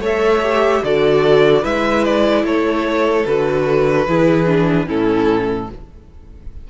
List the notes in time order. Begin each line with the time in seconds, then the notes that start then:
0.00 A3 A4 C#5 E5
0.44 G4
0.83 D3 F#4 A4 D5
1.62 G#3 E4 B4 E5
2.05 D5
2.44 A3 A4 C#5
3.26 D3 F#4 B4
4.07 E3 E4 G#4
4.47 D4
4.87 A2 C#4 E4 A4